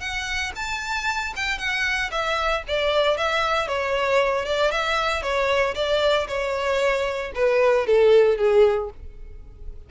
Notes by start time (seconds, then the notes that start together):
0.00 F#5
0.55 A5
1.36 G5
1.58 F#5
2.11 E5
2.68 D5
3.18 E5
3.68 C#5
4.45 D5
4.71 E5
5.22 C#5
5.75 D5
6.28 C#5
7.35 B4
7.87 A4
8.38 G#4